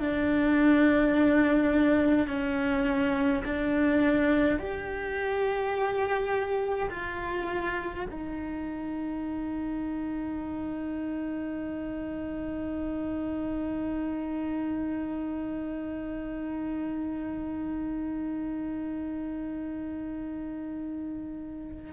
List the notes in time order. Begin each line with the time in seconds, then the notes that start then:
0.00 D4
2.28 C#4
3.46 D4
4.59 G4
6.91 F4
8.11 D#4